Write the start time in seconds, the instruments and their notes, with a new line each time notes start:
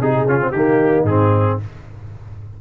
0.00 tuba C3, trombone D#4, horn G#4, trumpet G#4
0.27 tuba C#3, trombone C#4, trumpet F4
0.40 trombone C4
0.51 tuba D#3, trombone A#3, horn D#4, trumpet G4
1.03 tuba G#2, trombone C4, trumpet G#4